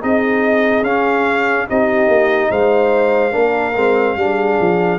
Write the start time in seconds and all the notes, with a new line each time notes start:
0.00 C4 D#4 G#4 D#5
0.82 C#4 F5
1.69 C4 D#4 G4 D#5
2.08 A#3
2.50 G#3 C5 F5
3.31 A#3 D4 A#4
3.75 G#3 C4
4.16 G3 D4 G#4
4.60 F3